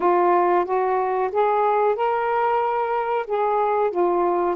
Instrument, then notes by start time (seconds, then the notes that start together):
saxophone
0.00 F4
0.65 F#4
1.32 G#4
1.95 A#4
3.26 G#4
3.90 F4